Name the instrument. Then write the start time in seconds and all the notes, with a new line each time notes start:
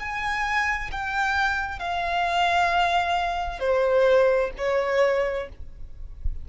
violin
0.00 G#5
0.92 G5
1.79 F5
3.60 C5
4.58 C#5